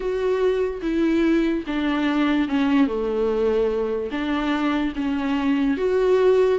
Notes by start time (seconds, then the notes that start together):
0.00 F#4
0.82 E4
1.66 D4
2.48 C#4
2.87 A3
4.11 D4
4.95 C#4
5.77 F#4